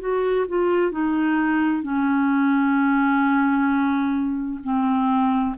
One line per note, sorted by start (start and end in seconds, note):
0.00 0.46 F#4
0.49 0.92 F4
0.92 1.83 D#4
1.83 4.60 C#4
4.64 5.56 C4